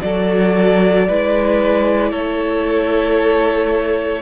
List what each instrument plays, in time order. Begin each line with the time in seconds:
0.00 cello F#3, viola F#4, violin A4 D5
1.08 cello G#3, viola E4, violin B4
2.11 cello A3, violin A4 C#5